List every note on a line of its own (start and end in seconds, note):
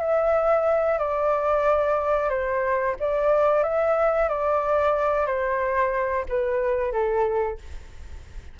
0.00 0.98 E5
0.98 2.29 D5
2.29 2.95 C5
2.99 3.63 D5
3.63 4.28 E5
4.28 5.26 D5
5.26 6.25 C5
6.28 6.92 B4
6.92 7.58 A4